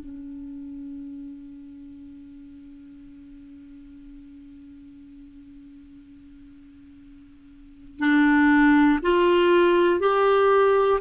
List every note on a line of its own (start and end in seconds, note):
0.00 8.00 C#4
8.00 9.00 D4
9.03 10.00 F4
10.00 11.00 G4